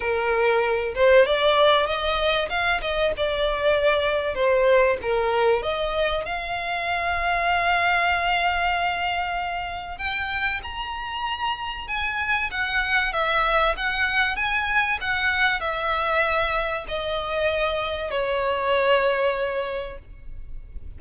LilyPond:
\new Staff \with { instrumentName = "violin" } { \time 4/4 \tempo 4 = 96 ais'4. c''8 d''4 dis''4 | f''8 dis''8 d''2 c''4 | ais'4 dis''4 f''2~ | f''1 |
g''4 ais''2 gis''4 | fis''4 e''4 fis''4 gis''4 | fis''4 e''2 dis''4~ | dis''4 cis''2. | }